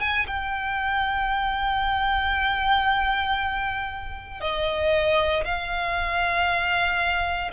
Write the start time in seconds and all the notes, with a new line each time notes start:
0.00 G#5
0.27 G5
4.41 D#5
5.45 F5